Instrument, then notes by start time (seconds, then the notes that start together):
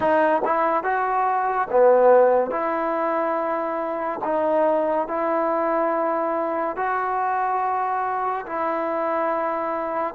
trombone
0.00 D#4
0.45 E4
0.83 F#4
1.70 B3
2.50 E4
4.23 D#4
5.07 E4
6.76 F#4
8.46 E4